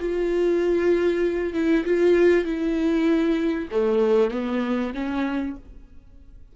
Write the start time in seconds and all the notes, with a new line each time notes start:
0.00 F4
1.54 E4
1.85 F4
2.45 E4
3.71 A3
4.31 B3
4.94 C#4